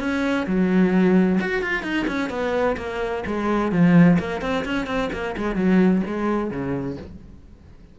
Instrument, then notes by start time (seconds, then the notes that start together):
cello
0.00 C#4
0.47 F#3
1.41 F#4
1.63 F4
1.83 D#4
2.08 C#4
2.30 B3
2.78 A#3
3.27 G#3
3.72 F3
4.20 A#3
4.42 C4
4.65 C#4
4.87 C4
5.13 A#3
5.38 G#3
5.56 F#3
6.07 G#3
6.51 C#3